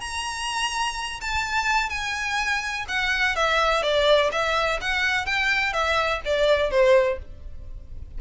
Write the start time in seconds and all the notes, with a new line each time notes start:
0.00 A#5
1.21 A5
1.89 G#5
2.88 F#5
3.36 E5
3.82 D5
4.31 E5
4.80 F#5
5.26 G5
5.73 E5
6.25 D5
6.70 C5